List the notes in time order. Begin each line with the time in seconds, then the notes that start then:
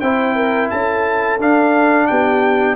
0.00 C4 E4 C5 G5
0.35 A#4
0.70 C#4 A4 A5
1.39 D4 F5
2.07 B3 G4 G5